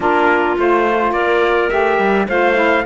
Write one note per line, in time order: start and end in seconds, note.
0.00 0.56 A#3
0.00 0.57 D4
0.00 1.12 F4
0.00 0.58 A#4
0.57 1.11 A3
0.57 1.70 F4
0.57 1.12 C5
1.11 1.68 A#3
1.11 2.27 A#4
1.11 1.69 D5
1.69 1.98 A3
1.69 2.27 G4
1.69 2.26 E5
1.98 2.27 G3
2.27 2.85 A3
2.27 2.54 F4
2.27 2.85 C5
2.27 2.85 F5
2.54 2.83 E4